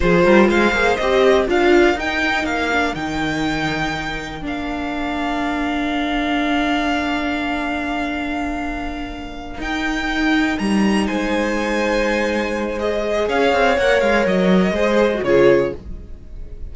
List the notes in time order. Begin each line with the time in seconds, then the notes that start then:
0.00 F3 F4 G#4 C5
0.24 G3 A#4
0.48 G#3 C5 F5
0.71 A#3 G#4
0.96 C4 G4 D#5
1.44 D4 F4 A#4 F5
1.94 D#4 G5
2.43 A#3 F5
2.71 D4
2.94 D#3 D#4 G5
4.41 A#3 D4 F5
9.58 D#4 G5
10.58 G3 A#5
11.06 G#3 C5 G#5
12.78 G#4 D#5
13.27 C#4 C#5 F5
13.52 C4
13.77 A#3 A#4 F#5
14.00 G#3 F5
14.25 F#3 D#5
14.71 G#3 G#4 C5
15.14 F#4
15.23 C#3 F4 G#4 C#5